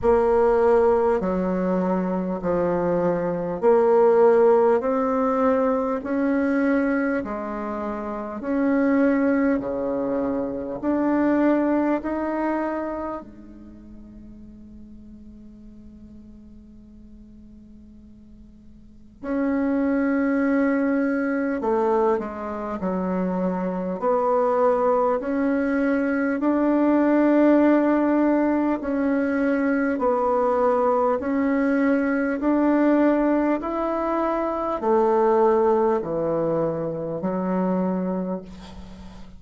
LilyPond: \new Staff \with { instrumentName = "bassoon" } { \time 4/4 \tempo 4 = 50 ais4 fis4 f4 ais4 | c'4 cis'4 gis4 cis'4 | cis4 d'4 dis'4 gis4~ | gis1 |
cis'2 a8 gis8 fis4 | b4 cis'4 d'2 | cis'4 b4 cis'4 d'4 | e'4 a4 e4 fis4 | }